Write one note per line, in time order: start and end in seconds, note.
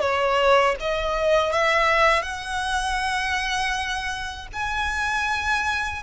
0.00 0.75 C#5
0.80 1.52 D#5
1.52 2.22 E5
2.22 4.47 F#5
4.53 6.02 G#5